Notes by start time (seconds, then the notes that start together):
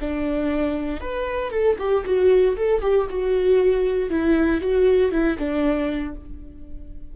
0.00 D4
1.00 B4
1.50 A4
1.78 G4
2.05 F#4
2.56 A4
2.81 G4
3.09 F#4
4.10 E4
4.61 F#4
5.11 E4
5.38 D4